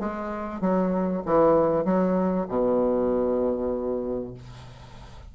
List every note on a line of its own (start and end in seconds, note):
0.00 0.61 G#3
0.61 1.23 F#3
1.26 1.85 E3
1.85 2.47 F#3
2.49 4.34 B2